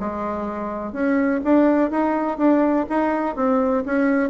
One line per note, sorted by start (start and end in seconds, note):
0.00 0.93 G#3
0.93 1.41 C#4
1.45 1.91 D4
1.91 2.38 D#4
2.38 2.86 D4
2.90 3.36 D#4
3.36 3.84 C4
3.86 4.30 C#4